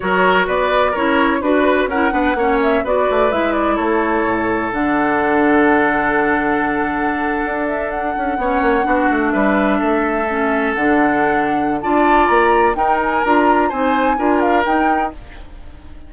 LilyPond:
<<
  \new Staff \with { instrumentName = "flute" } { \time 4/4 \tempo 4 = 127 cis''4 d''4 cis''4 b'4 | fis''4. e''8 d''4 e''8 d''8 | cis''2 fis''2~ | fis''1~ |
fis''16 e''8 fis''2. e''16~ | e''2~ e''8. fis''4~ fis''16~ | fis''4 a''4 ais''4 g''8 gis''8 | ais''4 gis''4. f''8 g''4 | }
  \new Staff \with { instrumentName = "oboe" } { \time 4/4 ais'4 b'4 ais'4 b'4 | ais'8 b'8 cis''4 b'2 | a'1~ | a'1~ |
a'4.~ a'16 cis''4 fis'4 b'16~ | b'8. a'2.~ a'16~ | a'4 d''2 ais'4~ | ais'4 c''4 ais'2 | }
  \new Staff \with { instrumentName = "clarinet" } { \time 4/4 fis'2 e'4 fis'4 | e'8 d'8 cis'4 fis'4 e'4~ | e'2 d'2~ | d'1~ |
d'4.~ d'16 cis'4 d'4~ d'16~ | d'4.~ d'16 cis'4 d'4~ d'16~ | d'4 f'2 dis'4 | f'4 dis'4 f'4 dis'4 | }
  \new Staff \with { instrumentName = "bassoon" } { \time 4/4 fis4 b4 cis'4 d'4 | cis'8 b8 ais4 b8 a8 gis4 | a4 a,4 d2~ | d2.~ d8. d'16~ |
d'4~ d'16 cis'8 b8 ais8 b8 a8 g16~ | g8. a2 d4~ d16~ | d4 d'4 ais4 dis'4 | d'4 c'4 d'4 dis'4 | }
>>